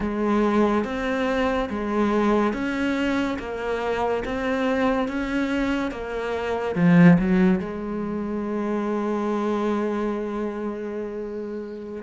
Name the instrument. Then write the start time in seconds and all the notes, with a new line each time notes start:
cello
0.00 G#3
0.84 C4
1.69 G#3
2.53 C#4
3.38 A#3
4.24 C4
5.07 C#4
5.91 A#3
6.75 F3
7.18 F#3
7.59 G#3